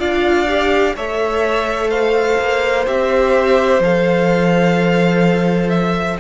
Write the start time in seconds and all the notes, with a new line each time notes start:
0.00 D4 F4 D5 F5
0.48 G4
0.96 A3 A4 C#5 E5
1.90 C5 F5
2.39 A#3
2.87 C4 G4 E5
3.80 F3 A4 F5
5.70 E5